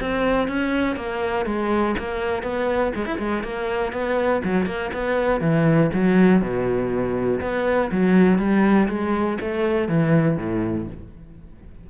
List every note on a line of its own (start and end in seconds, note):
0.00 0.48 C4
0.48 0.96 C#4
0.96 1.45 A#3
1.45 1.95 G#3
1.98 2.43 A#3
2.43 2.92 B3
2.95 3.05 G#3
3.05 3.18 E4
3.18 3.43 G#3
3.43 3.92 A#3
3.92 4.42 B3
4.44 4.66 F#3
4.66 4.90 A#3
4.93 5.40 B3
5.40 5.90 E3
5.93 6.41 F#3
6.41 7.40 B2
7.40 7.90 B3
7.91 8.38 F#3
8.38 8.88 G3
8.88 9.38 G#3
9.41 9.88 A3
9.88 10.37 E3
10.37 10.86 A2